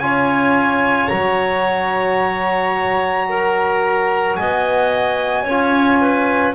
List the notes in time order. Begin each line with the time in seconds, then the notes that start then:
0.00 C#4 F4 C#5 G#5
1.08 F#3 F#4 A#5
3.30 A#4
4.36 B3 D#5 G#5
5.43 C#4 C#5
5.50 F4
6.01 B4